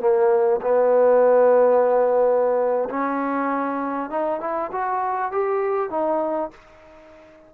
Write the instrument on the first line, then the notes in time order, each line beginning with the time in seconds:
trombone
0.00 A#3
0.61 B3
2.90 C#4
4.10 D#4
4.40 E4
4.72 F#4
5.32 G4
5.90 D#4